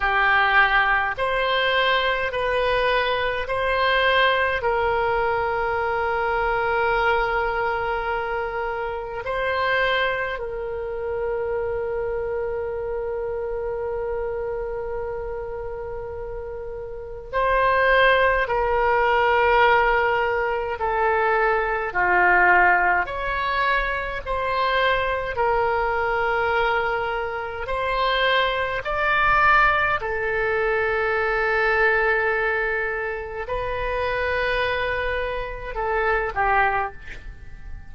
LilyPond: \new Staff \with { instrumentName = "oboe" } { \time 4/4 \tempo 4 = 52 g'4 c''4 b'4 c''4 | ais'1 | c''4 ais'2.~ | ais'2. c''4 |
ais'2 a'4 f'4 | cis''4 c''4 ais'2 | c''4 d''4 a'2~ | a'4 b'2 a'8 g'8 | }